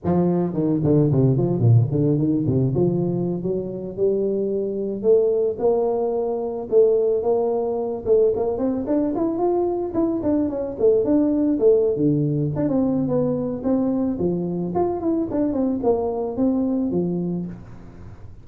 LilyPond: \new Staff \with { instrumentName = "tuba" } { \time 4/4 \tempo 4 = 110 f4 dis8 d8 c8 f8 ais,8 d8 | dis8 c8 f4~ f16 fis4 g8.~ | g4~ g16 a4 ais4.~ ais16~ | ais16 a4 ais4. a8 ais8 c'16~ |
c'16 d'8 e'8 f'4 e'8 d'8 cis'8 a16~ | a16 d'4 a8. d4 d'16 c'8. | b4 c'4 f4 f'8 e'8 | d'8 c'8 ais4 c'4 f4 | }